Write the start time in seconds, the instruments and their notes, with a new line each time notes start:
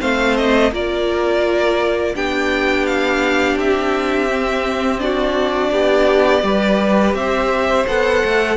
0.00 cello A3, viola C4, violin C5 F5
0.37 violin D#5
0.72 cello A#3, viola F4, violin A#4 D5
2.15 cello B3, viola D4, violin G4 G5
2.86 violin F5
3.57 cello C4, violin E5
4.28 viola C4
4.99 viola D4, violin F#4 D5
5.72 cello B3, violin G4
6.43 cello G3, viola G4, violin B4
7.14 cello C4, violin C5 E5
7.87 cello B3, viola A4, violin F#5
8.25 cello A3